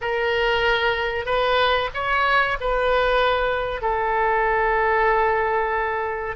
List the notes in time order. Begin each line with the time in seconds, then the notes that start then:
0.01 A#4
1.25 B4
1.94 C#5
2.60 B4
3.81 A4